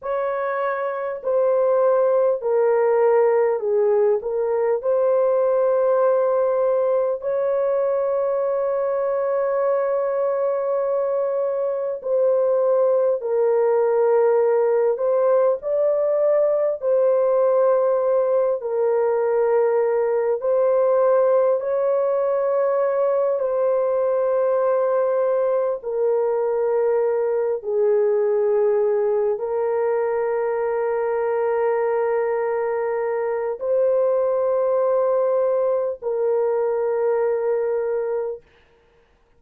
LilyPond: \new Staff \with { instrumentName = "horn" } { \time 4/4 \tempo 4 = 50 cis''4 c''4 ais'4 gis'8 ais'8 | c''2 cis''2~ | cis''2 c''4 ais'4~ | ais'8 c''8 d''4 c''4. ais'8~ |
ais'4 c''4 cis''4. c''8~ | c''4. ais'4. gis'4~ | gis'8 ais'2.~ ais'8 | c''2 ais'2 | }